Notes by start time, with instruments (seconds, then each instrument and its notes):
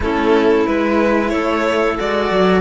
0.00 cello A3 C#4, clarinet E4, violin A4
0.66 cello G#3 E4, violin B4
1.29 cello A3, clarinet A4, violin C#5
1.98 cello G#3 F#4, violin D5
2.30 cello F#3